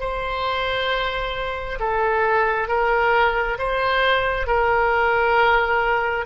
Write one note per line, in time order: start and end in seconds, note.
0.00 1.79 C5
1.80 2.68 A4
2.68 3.58 A#4
3.58 4.47 C5
4.47 6.26 A#4